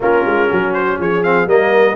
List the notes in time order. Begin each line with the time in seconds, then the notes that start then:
0.00 A#3 C#4 F4 A#4
0.25 G#3
0.47 F#3 F#4
0.73 C5
0.99 F3 G#4 C#5
1.23 C4 F5
1.46 G3 A#3 A#4 D#5